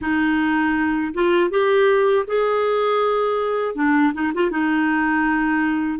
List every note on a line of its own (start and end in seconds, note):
0.01 1.13 D#4
1.14 1.50 F4
1.50 2.25 G4
2.27 3.75 G#4
3.75 4.12 D4
4.13 4.32 D#4
4.34 4.50 F4
4.50 5.99 D#4